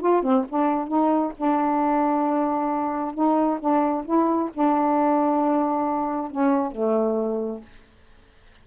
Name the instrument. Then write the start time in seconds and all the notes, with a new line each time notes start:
saxophone
0.00 F4
0.22 C4
0.49 D4
0.87 D#4
1.37 D4
3.14 D#4
3.60 D4
4.05 E4
4.54 D4
6.31 C#4
6.71 A3